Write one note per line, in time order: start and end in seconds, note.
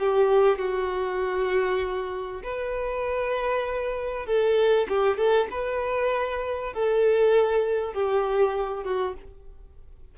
0.00 0.58 G4
0.58 2.42 F#4
2.44 4.26 B4
4.26 4.88 A4
4.89 5.18 G4
5.18 5.48 A4
5.51 6.74 B4
6.74 7.94 A4
7.94 8.84 G4
8.84 9.15 F#4